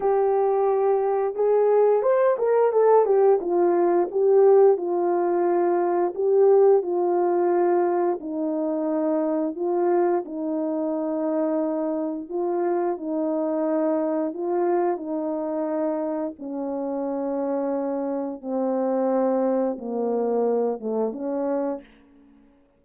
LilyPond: \new Staff \with { instrumentName = "horn" } { \time 4/4 \tempo 4 = 88 g'2 gis'4 c''8 ais'8 | a'8 g'8 f'4 g'4 f'4~ | f'4 g'4 f'2 | dis'2 f'4 dis'4~ |
dis'2 f'4 dis'4~ | dis'4 f'4 dis'2 | cis'2. c'4~ | c'4 ais4. a8 cis'4 | }